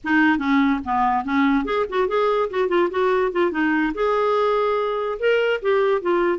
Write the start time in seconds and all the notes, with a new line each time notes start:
0.04 D#4
0.38 C#4
0.84 B3
1.25 C#4
1.64 G#4
1.89 F#4
2.07 G#4
2.50 F#4
2.68 F4
2.90 F#4
3.32 F4
3.51 D#4
3.94 G#4
5.19 A#4
5.62 G4
6.01 F4